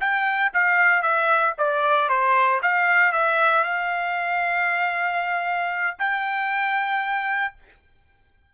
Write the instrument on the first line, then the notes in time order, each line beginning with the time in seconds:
trumpet
0.00 G5
0.53 F5
1.02 E5
1.58 D5
2.09 C5
2.62 F5
3.12 E5
3.63 F5
5.99 G5